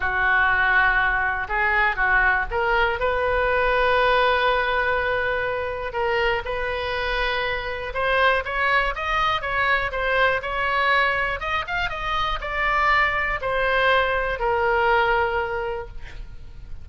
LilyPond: \new Staff \with { instrumentName = "oboe" } { \time 4/4 \tempo 4 = 121 fis'2. gis'4 | fis'4 ais'4 b'2~ | b'1 | ais'4 b'2. |
c''4 cis''4 dis''4 cis''4 | c''4 cis''2 dis''8 f''8 | dis''4 d''2 c''4~ | c''4 ais'2. | }